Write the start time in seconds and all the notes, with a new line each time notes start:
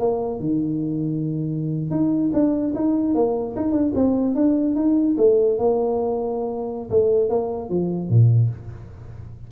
0.00 A#3
0.40 D#3
1.91 D#4
2.34 D4
2.75 D#4
3.15 A#3
3.57 D#4
3.72 D4
3.95 C4
4.36 D4
4.76 D#4
5.18 A3
5.59 A#3
6.91 A3
7.30 A#3
7.70 F3
8.10 A#2